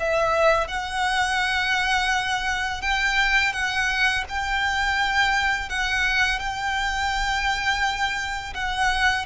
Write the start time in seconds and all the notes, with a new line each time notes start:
0.00 E5
0.68 F#5
2.82 G5
3.53 F#5
4.29 G5
5.69 F#5
6.40 G5
8.54 F#5